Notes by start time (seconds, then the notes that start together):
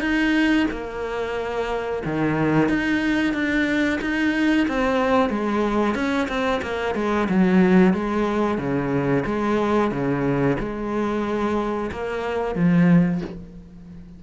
0.00 D#4
0.71 A#3
2.05 D#3
2.69 D#4
3.33 D4
4.01 D#4
4.68 C4
5.29 G#3
5.95 C#4
6.28 C4
6.62 A#3
6.95 G#3
7.29 F#3
7.93 G#3
8.58 C#3
9.25 G#3
9.91 C#3
10.59 G#3
11.91 A#3
12.55 F3